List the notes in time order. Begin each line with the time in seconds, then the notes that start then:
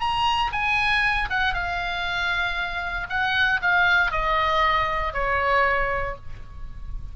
0.00 A#5
0.52 G#5
1.30 F#5
1.53 F5
3.09 F#5
3.61 F5
4.11 D#5
5.13 C#5